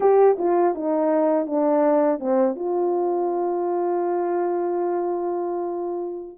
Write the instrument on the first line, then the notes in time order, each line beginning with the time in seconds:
horn
0.00 G4
0.38 F4
0.75 D#4
1.46 D4
2.20 C4
2.55 F4